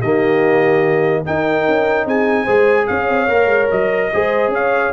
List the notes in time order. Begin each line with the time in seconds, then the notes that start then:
0.00 D#3 A#3 G4 D#5
1.25 D#4 A#4 G5
1.68 C#4
2.05 C4 G#4 G#5
2.44 G#3 G#4 C5
2.87 C#4 C#5 F5
3.09 C4
3.28 A#3 A#4
3.46 G#3
3.71 F#3 D#5
4.13 G#3 G#4 C5
4.48 C#4 C#5
4.54 F5